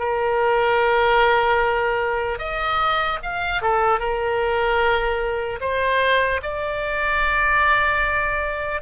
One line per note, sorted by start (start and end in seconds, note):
0.00 2.39 A#4
2.39 3.19 D#5
3.23 3.62 F5
3.62 4.00 A4
4.00 5.60 A#4
5.61 6.41 C5
6.43 8.82 D5